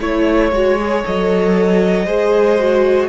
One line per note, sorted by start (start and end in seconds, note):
0.00 0.52 A3
0.00 0.52 E4
0.00 1.04 C#5
0.00 2.05 C#5
0.52 1.03 G#3
0.52 0.78 F#4
0.79 1.03 G#4
1.03 2.06 F#3
1.03 2.06 A4
1.03 3.09 D#5
2.05 3.09 G#3
2.05 2.58 G#4
2.05 3.08 C5
2.59 3.09 F#4